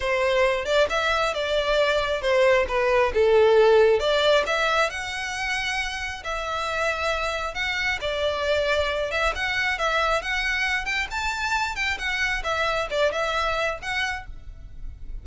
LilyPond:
\new Staff \with { instrumentName = "violin" } { \time 4/4 \tempo 4 = 135 c''4. d''8 e''4 d''4~ | d''4 c''4 b'4 a'4~ | a'4 d''4 e''4 fis''4~ | fis''2 e''2~ |
e''4 fis''4 d''2~ | d''8 e''8 fis''4 e''4 fis''4~ | fis''8 g''8 a''4. g''8 fis''4 | e''4 d''8 e''4. fis''4 | }